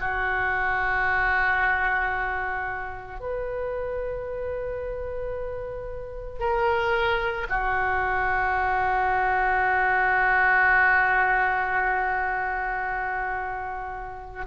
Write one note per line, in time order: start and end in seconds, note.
0.00 3.19 F#4
3.19 6.39 B4
6.39 7.46 A#4
7.49 14.45 F#4